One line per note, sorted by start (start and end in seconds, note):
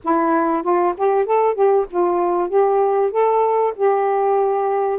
0.03 0.62 E4
0.62 0.94 F4
0.97 1.25 G4
1.25 1.54 A4
1.54 1.85 G4
1.90 2.49 F4
2.49 3.11 G4
3.11 3.73 A4
3.75 4.99 G4